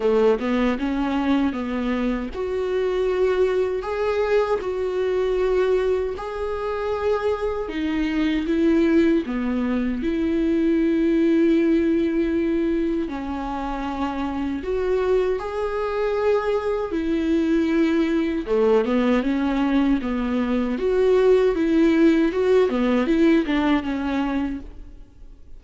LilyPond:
\new Staff \with { instrumentName = "viola" } { \time 4/4 \tempo 4 = 78 a8 b8 cis'4 b4 fis'4~ | fis'4 gis'4 fis'2 | gis'2 dis'4 e'4 | b4 e'2.~ |
e'4 cis'2 fis'4 | gis'2 e'2 | a8 b8 cis'4 b4 fis'4 | e'4 fis'8 b8 e'8 d'8 cis'4 | }